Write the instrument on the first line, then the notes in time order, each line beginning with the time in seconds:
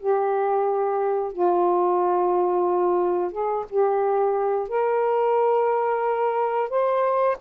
saxophone
0.00 G4
1.33 F4
3.32 G#4
3.70 G4
4.69 A#4
6.70 C5